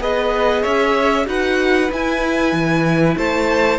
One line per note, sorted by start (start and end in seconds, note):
0.00 0.64 B3
0.00 1.26 G#4
0.00 0.62 B4
0.00 0.63 D#5
0.62 1.27 C#4
0.62 1.25 C#5
0.62 1.26 E5
1.26 1.90 D#4
1.26 1.89 F#4
1.26 3.17 B4
1.26 1.92 F#5
1.91 2.52 E4
1.91 3.79 E4
1.91 3.17 G#5
2.52 3.16 E3
3.17 3.79 A3
3.17 3.79 C5
3.17 3.79 A5